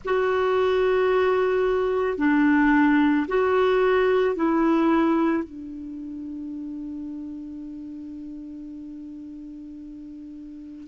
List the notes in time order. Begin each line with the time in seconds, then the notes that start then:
0.04 F#4
2.17 D4
3.28 F#4
4.35 E4
5.43 D4